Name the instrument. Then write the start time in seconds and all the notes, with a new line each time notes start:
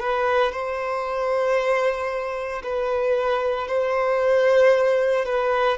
violin
0.00 B4
0.53 C5
2.64 B4
3.68 C5
5.26 B4